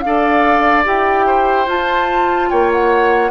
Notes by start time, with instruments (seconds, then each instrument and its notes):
0.00 bassoon D4, clarinet A4, oboe D5, flute F5
0.84 bassoon E4, clarinet G4, flute G5
1.26 oboe C5
1.66 clarinet F4, bassoon F4, flute A5
2.49 bassoon A#3, oboe C#5, flute G5
2.72 flute F#5